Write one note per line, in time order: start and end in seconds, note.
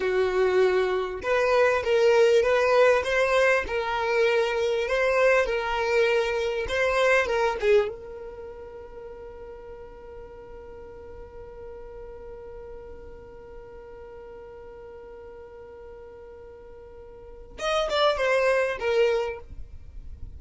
0.00 1.20 F#4
1.22 1.83 B4
1.83 2.42 A#4
2.42 3.03 B4
3.03 3.64 C5
3.67 4.88 A#4
4.88 5.45 C5
5.45 6.66 A#4
6.68 7.26 C5
7.26 7.56 A#4
7.60 7.88 G#4
7.88 17.58 A#4
17.58 17.88 D#5
17.90 18.17 D5
18.17 18.77 C5
18.79 19.39 A#4